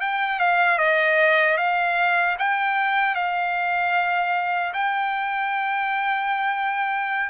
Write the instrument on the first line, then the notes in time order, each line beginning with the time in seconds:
trumpet
0.00 G5
0.39 F5
0.78 D#5
1.57 F5
2.39 G5
3.15 F5
4.73 G5